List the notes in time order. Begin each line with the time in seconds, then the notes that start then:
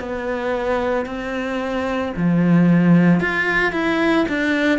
0.00 B3
1.06 C4
2.17 F3
3.20 F4
3.72 E4
4.29 D4